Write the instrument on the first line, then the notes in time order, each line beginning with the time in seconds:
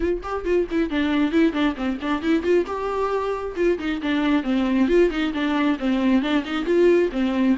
viola
0.00 F4
0.22 G4
0.44 F4
0.71 E4
0.90 D4
1.31 E4
1.53 D4
1.76 C4
2.01 D4
2.22 E4
2.42 F4
2.66 G4
3.56 F4
3.79 D#4
4.02 D4
4.43 C4
4.88 F4
5.10 D#4
5.33 D4
5.79 C4
6.22 D4
6.44 D#4
6.65 F4
7.12 C4